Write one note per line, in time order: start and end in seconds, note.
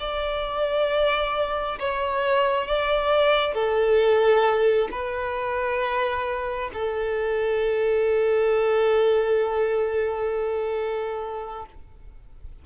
0.00 1.79 D5
1.80 2.67 C#5
2.67 3.55 D5
3.55 4.89 A4
4.92 6.71 B4
6.74 11.66 A4